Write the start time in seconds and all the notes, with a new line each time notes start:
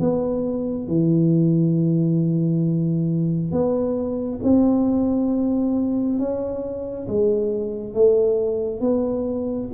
0.00 B3
0.87 E3
3.51 B3
4.43 C4
6.19 C#4
7.08 G#3
7.94 A3
8.80 B3